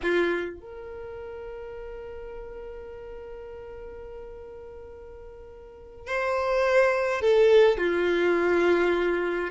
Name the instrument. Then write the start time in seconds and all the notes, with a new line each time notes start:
violin
0.02 F4
0.60 A#4
6.06 C5
7.21 A4
7.77 F4